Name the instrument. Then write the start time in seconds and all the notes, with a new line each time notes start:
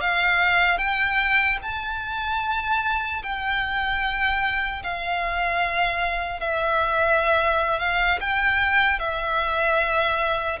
violin
0.00 F5
0.78 G5
1.62 A5
3.22 G5
4.83 F5
6.40 E5
7.79 F5
8.20 G5
8.99 E5